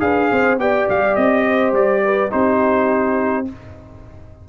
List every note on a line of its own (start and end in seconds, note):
0.00 0.31 D4
0.00 0.58 G#4
0.00 0.31 B4
0.00 0.58 F5
0.31 0.59 C4
0.31 0.61 C5
0.59 0.87 B3
0.59 2.30 G4
0.59 1.45 D5
0.59 0.88 G5
0.90 1.17 G3
0.90 1.16 F5
1.16 1.73 C4
1.16 1.73 D#5
1.45 2.03 C5
1.73 2.31 G3
1.73 2.32 D5
2.04 2.32 B4
2.30 3.49 C4
2.30 3.45 D#4
2.30 3.47 G4
2.30 3.47 C5